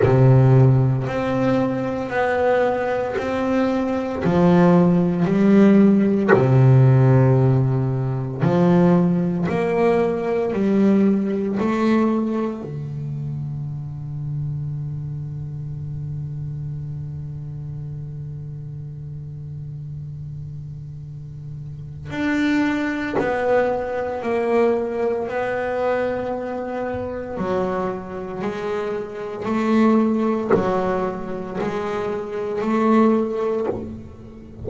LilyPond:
\new Staff \with { instrumentName = "double bass" } { \time 4/4 \tempo 4 = 57 c4 c'4 b4 c'4 | f4 g4 c2 | f4 ais4 g4 a4 | d1~ |
d1~ | d4 d'4 b4 ais4 | b2 fis4 gis4 | a4 fis4 gis4 a4 | }